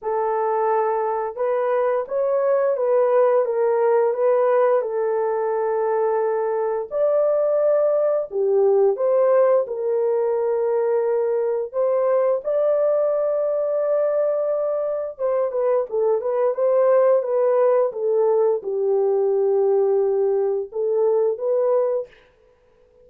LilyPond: \new Staff \with { instrumentName = "horn" } { \time 4/4 \tempo 4 = 87 a'2 b'4 cis''4 | b'4 ais'4 b'4 a'4~ | a'2 d''2 | g'4 c''4 ais'2~ |
ais'4 c''4 d''2~ | d''2 c''8 b'8 a'8 b'8 | c''4 b'4 a'4 g'4~ | g'2 a'4 b'4 | }